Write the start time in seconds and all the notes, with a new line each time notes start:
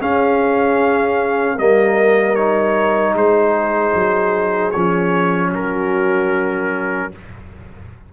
0.00 C#4 G#4 F5
1.55 G3 A#3 A#4 D#5
2.35 D#4 C#5
3.14 G#3 G#4 C5
3.94 F#3
4.71 F3 C#4 C#5
5.50 F#3 F#4 A#4